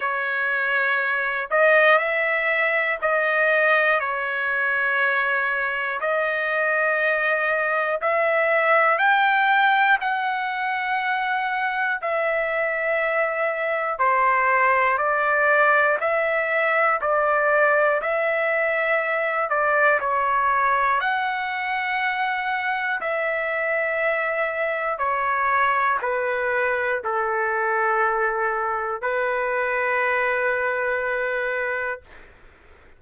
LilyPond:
\new Staff \with { instrumentName = "trumpet" } { \time 4/4 \tempo 4 = 60 cis''4. dis''8 e''4 dis''4 | cis''2 dis''2 | e''4 g''4 fis''2 | e''2 c''4 d''4 |
e''4 d''4 e''4. d''8 | cis''4 fis''2 e''4~ | e''4 cis''4 b'4 a'4~ | a'4 b'2. | }